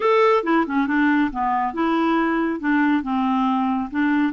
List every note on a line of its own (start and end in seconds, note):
0.00 0.43 A4
0.43 0.65 E4
0.66 0.87 C#4
0.87 1.30 D4
1.32 1.73 B3
1.73 2.60 E4
2.60 3.02 D4
3.02 3.89 C4
3.90 4.33 D4